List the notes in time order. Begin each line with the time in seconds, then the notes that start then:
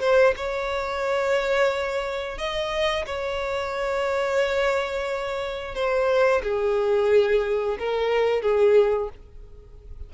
0.00 C5
0.36 C#5
2.37 D#5
3.06 C#5
5.74 C5
6.42 G#4
7.78 A#4
8.41 G#4